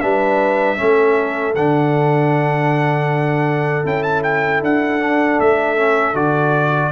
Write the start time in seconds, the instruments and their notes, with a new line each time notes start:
0.00 tuba G3, trombone D4, horn B4, trumpet E5
0.77 tuba A3, trombone C#4, horn A4
1.55 tuba D3, trombone D4, trumpet F#5
3.84 tuba C#4, trombone E4, trumpet G5
4.03 trumpet A5
4.23 trumpet G5
4.62 tuba D4, trumpet F#5
5.00 trombone D4
5.40 tuba A3, trumpet E5
5.76 trombone C#4
6.13 tuba D3, trombone F#4, trumpet D5